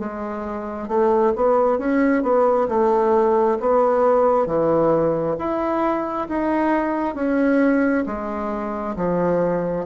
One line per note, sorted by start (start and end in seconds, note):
0.00 0.89 G#3
0.89 1.34 A3
1.36 1.79 B3
1.79 2.23 C#4
2.23 2.68 B3
2.69 3.59 A3
3.61 4.47 B3
4.47 5.36 E3
5.39 6.28 E4
6.29 7.15 D#4
7.15 8.05 C#4
8.06 8.96 G#3
8.96 9.86 F3